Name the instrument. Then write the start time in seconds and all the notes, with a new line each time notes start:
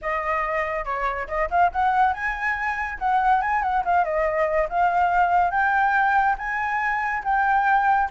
flute
0.01 D#5
0.84 C#5
1.27 D#5
1.50 F5
1.72 F#5
2.13 G#5
2.99 F#5
3.41 G#5
3.62 F#5
3.85 F5
4.04 D#5
4.69 F5
5.50 G5
6.38 G#5
7.24 G5